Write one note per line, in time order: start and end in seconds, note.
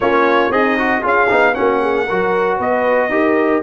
0.00 0.49 A#3
0.00 0.51 C#4
0.00 0.52 F4
0.00 0.51 C#5
0.49 1.01 C4
0.49 1.01 D#4
0.49 0.77 G#4
0.49 1.03 D#5
0.78 1.01 F#4
1.01 1.29 C#4
1.01 1.27 F4
1.01 1.53 G#4
1.01 1.54 F5
1.29 1.57 B3
1.29 1.54 D#4
1.54 2.10 A#3
1.54 2.06 C#4
1.54 1.81 F#4
1.54 2.57 F#5
1.81 2.05 G#4
2.05 2.59 F#3
2.05 3.10 F#4
2.05 2.57 A#4
2.57 3.09 B3
2.57 3.08 B4
2.57 3.62 D#5
3.09 3.60 D#4
3.09 3.62 G4
3.09 3.62 A#4